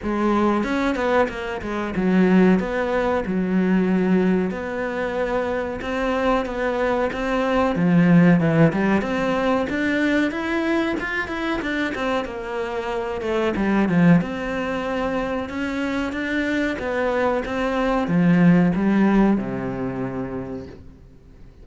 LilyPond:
\new Staff \with { instrumentName = "cello" } { \time 4/4 \tempo 4 = 93 gis4 cis'8 b8 ais8 gis8 fis4 | b4 fis2 b4~ | b4 c'4 b4 c'4 | f4 e8 g8 c'4 d'4 |
e'4 f'8 e'8 d'8 c'8 ais4~ | ais8 a8 g8 f8 c'2 | cis'4 d'4 b4 c'4 | f4 g4 c2 | }